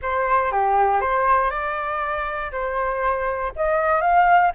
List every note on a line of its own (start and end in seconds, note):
0.01 0.51 C5
0.51 1.00 G4
1.00 1.50 C5
1.50 2.51 D5
2.51 3.52 C5
3.56 4.01 D#5
4.01 4.51 F5